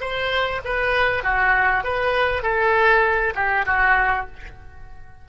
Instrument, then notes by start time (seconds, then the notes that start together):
oboe
0.00 C5
0.64 B4
1.23 F#4
1.84 B4
2.42 A4
3.35 G4
3.66 F#4